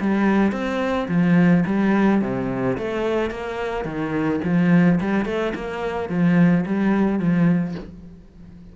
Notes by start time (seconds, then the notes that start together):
0.00 G3
0.52 C4
1.08 F3
1.66 G3
2.21 C3
2.77 A3
3.30 A#3
3.84 D#3
4.43 F3
5.00 G3
5.25 A3
5.55 A#3
6.09 F3
6.65 G3
7.19 F3